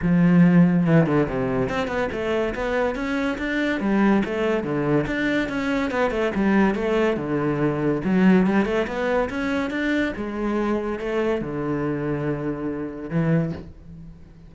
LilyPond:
\new Staff \with { instrumentName = "cello" } { \time 4/4 \tempo 4 = 142 f2 e8 d8 c4 | c'8 b8 a4 b4 cis'4 | d'4 g4 a4 d4 | d'4 cis'4 b8 a8 g4 |
a4 d2 fis4 | g8 a8 b4 cis'4 d'4 | gis2 a4 d4~ | d2. e4 | }